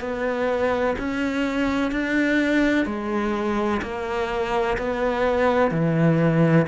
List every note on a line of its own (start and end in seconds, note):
0.00 0.95 B3
0.98 1.91 C#4
1.91 2.85 D4
2.85 3.81 G#3
3.82 4.77 A#3
4.77 5.71 B3
5.71 6.66 E3